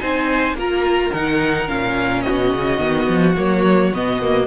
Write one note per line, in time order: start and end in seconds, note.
0.00 0.54 C4
0.00 0.56 D#4
0.00 0.57 C5
0.00 0.56 G#5
0.54 1.10 A#3
0.54 1.14 F4
0.54 2.24 A#4
0.61 1.14 A#5
1.14 1.70 D#3
1.14 1.69 D#4
1.14 1.68 F#5
1.68 2.26 A#2
1.68 2.79 C#4
1.68 2.22 F5
2.22 4.47 F#4
2.22 3.34 D#5
2.29 2.54 B2
2.54 2.80 C#3
2.79 3.08 D#3
2.79 3.35 B3
3.09 3.37 F3
3.37 3.93 F#3
3.37 3.93 A#3
3.37 3.94 C#5
3.93 4.47 B2
3.93 4.22 B3
3.93 4.47 D#5
4.22 4.47 A#3